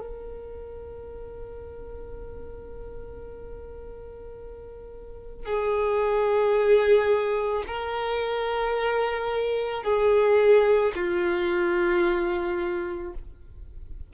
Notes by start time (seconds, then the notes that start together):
0.00 A#4
5.45 G#4
7.67 A#4
9.83 G#4
10.95 F4